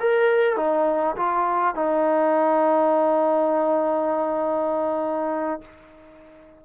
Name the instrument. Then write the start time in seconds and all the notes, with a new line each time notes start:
trombone
0.00 A#4
0.57 D#4
1.17 F4
1.76 D#4